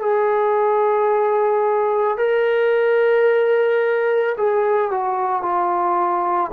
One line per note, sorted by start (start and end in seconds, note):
0.00 2.18 G#4
2.18 4.36 A#4
4.37 4.91 G#4
4.91 5.42 F#4
5.42 6.51 F4